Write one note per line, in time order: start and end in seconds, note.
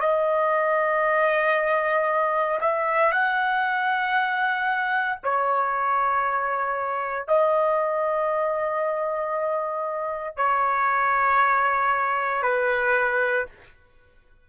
0.00 2.59 D#5
2.61 3.12 E5
3.12 5.19 F#5
5.23 7.27 C#5
7.27 10.37 D#5
10.37 12.42 C#5
12.42 13.46 B4